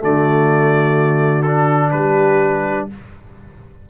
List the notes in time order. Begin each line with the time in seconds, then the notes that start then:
0.00 D3 A3 F#4 D5
1.42 D4 A4
1.91 G3 G4 B4